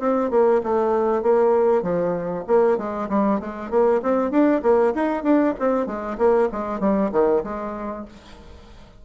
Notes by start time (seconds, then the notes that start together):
0.00 C4
0.31 A#3
0.64 A3
1.23 A#3
1.83 F3
2.47 A#3
2.78 G#3
3.09 G3
3.40 G#3
3.71 A#3
4.03 C4
4.31 D4
4.63 A#3
4.95 D#4
5.24 D4
5.60 C4
5.87 G#3
6.18 A#3
6.52 G#3
6.80 G3
7.12 D#3
7.44 G#3